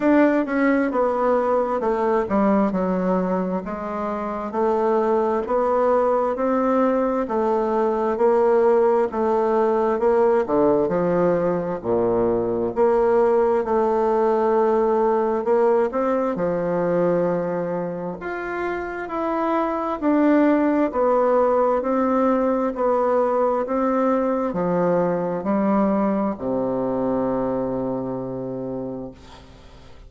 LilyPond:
\new Staff \with { instrumentName = "bassoon" } { \time 4/4 \tempo 4 = 66 d'8 cis'8 b4 a8 g8 fis4 | gis4 a4 b4 c'4 | a4 ais4 a4 ais8 d8 | f4 ais,4 ais4 a4~ |
a4 ais8 c'8 f2 | f'4 e'4 d'4 b4 | c'4 b4 c'4 f4 | g4 c2. | }